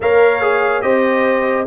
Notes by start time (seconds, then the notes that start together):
0.00 A#3 A#4 C#5 F5
0.41 G#4
0.81 C4 G4 C5 D#5